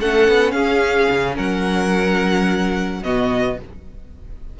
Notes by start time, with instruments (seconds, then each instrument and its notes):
0.00 cello A3, viola C#4, violin A4 F#5
0.28 cello B3
0.52 cello C#4, violin G#4 F5
1.10 cello C#3
1.35 cello F#3, violin A#4 F#5
3.03 cello B2, viola B3, violin F#4 D#5